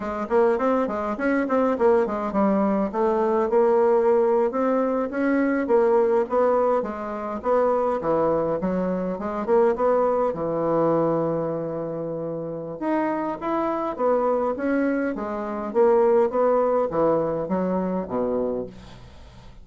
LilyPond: \new Staff \with { instrumentName = "bassoon" } { \time 4/4 \tempo 4 = 103 gis8 ais8 c'8 gis8 cis'8 c'8 ais8 gis8 | g4 a4 ais4.~ ais16 c'16~ | c'8. cis'4 ais4 b4 gis16~ | gis8. b4 e4 fis4 gis16~ |
gis16 ais8 b4 e2~ e16~ | e2 dis'4 e'4 | b4 cis'4 gis4 ais4 | b4 e4 fis4 b,4 | }